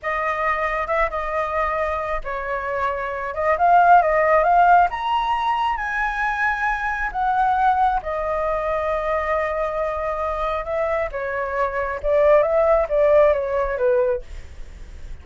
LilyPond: \new Staff \with { instrumentName = "flute" } { \time 4/4 \tempo 4 = 135 dis''2 e''8 dis''4.~ | dis''4 cis''2~ cis''8 dis''8 | f''4 dis''4 f''4 ais''4~ | ais''4 gis''2. |
fis''2 dis''2~ | dis''1 | e''4 cis''2 d''4 | e''4 d''4 cis''4 b'4 | }